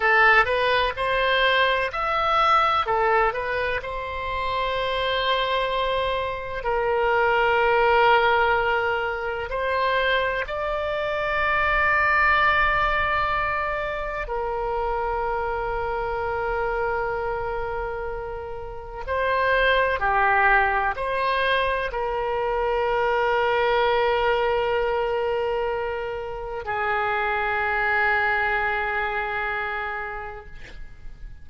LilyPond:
\new Staff \with { instrumentName = "oboe" } { \time 4/4 \tempo 4 = 63 a'8 b'8 c''4 e''4 a'8 b'8 | c''2. ais'4~ | ais'2 c''4 d''4~ | d''2. ais'4~ |
ais'1 | c''4 g'4 c''4 ais'4~ | ais'1 | gis'1 | }